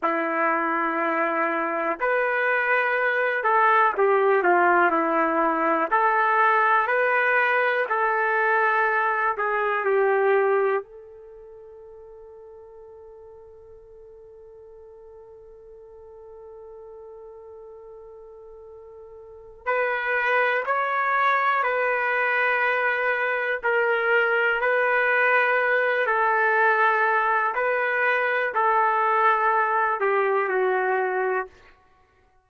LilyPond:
\new Staff \with { instrumentName = "trumpet" } { \time 4/4 \tempo 4 = 61 e'2 b'4. a'8 | g'8 f'8 e'4 a'4 b'4 | a'4. gis'8 g'4 a'4~ | a'1~ |
a'1 | b'4 cis''4 b'2 | ais'4 b'4. a'4. | b'4 a'4. g'8 fis'4 | }